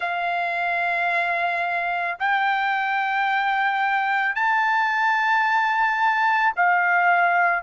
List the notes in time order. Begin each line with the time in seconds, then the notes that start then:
0.00 F5
2.19 G5
4.35 A5
6.56 F5